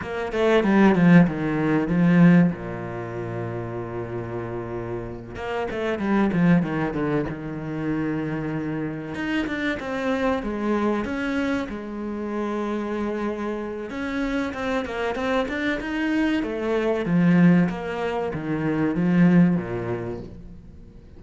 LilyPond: \new Staff \with { instrumentName = "cello" } { \time 4/4 \tempo 4 = 95 ais8 a8 g8 f8 dis4 f4 | ais,1~ | ais,8 ais8 a8 g8 f8 dis8 d8 dis8~ | dis2~ dis8 dis'8 d'8 c'8~ |
c'8 gis4 cis'4 gis4.~ | gis2 cis'4 c'8 ais8 | c'8 d'8 dis'4 a4 f4 | ais4 dis4 f4 ais,4 | }